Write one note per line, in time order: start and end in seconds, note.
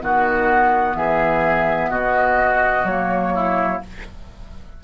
0.00 0.94 D#3
0.00 2.86 B3
0.00 0.96 F#4
0.00 0.95 F#5
0.94 1.89 E3
0.94 1.90 G#4
0.94 1.90 E5
1.89 2.83 B2
1.89 3.33 F#4
1.89 2.86 D#5
2.83 3.79 F#3
2.83 3.83 A#3
2.83 3.81 C#5
3.35 3.82 E4